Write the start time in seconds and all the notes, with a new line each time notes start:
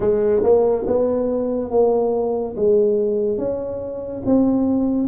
0.00 G#3
0.43 A#3
0.86 B3
1.70 A#3
2.56 G#3
3.38 C#4
4.25 C4